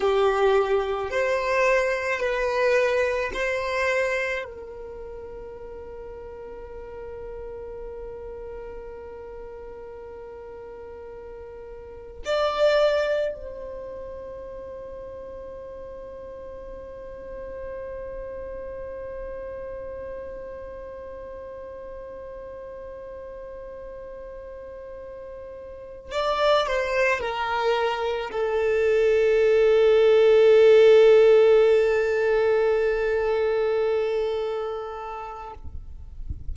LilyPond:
\new Staff \with { instrumentName = "violin" } { \time 4/4 \tempo 4 = 54 g'4 c''4 b'4 c''4 | ais'1~ | ais'2. d''4 | c''1~ |
c''1~ | c''2.~ c''8 d''8 | c''8 ais'4 a'2~ a'8~ | a'1 | }